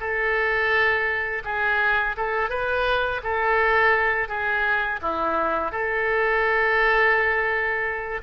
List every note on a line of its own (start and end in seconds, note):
0.00 1.43 A4
1.44 2.16 G#4
2.17 2.50 A4
2.50 3.21 B4
3.23 4.29 A4
4.29 5.00 G#4
5.02 5.71 E4
5.71 8.21 A4